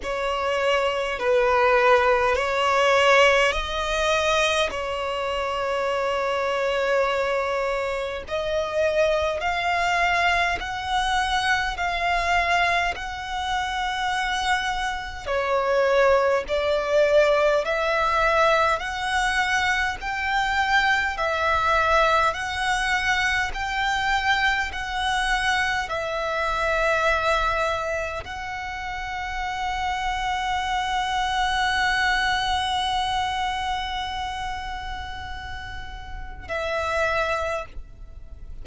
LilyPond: \new Staff \with { instrumentName = "violin" } { \time 4/4 \tempo 4 = 51 cis''4 b'4 cis''4 dis''4 | cis''2. dis''4 | f''4 fis''4 f''4 fis''4~ | fis''4 cis''4 d''4 e''4 |
fis''4 g''4 e''4 fis''4 | g''4 fis''4 e''2 | fis''1~ | fis''2. e''4 | }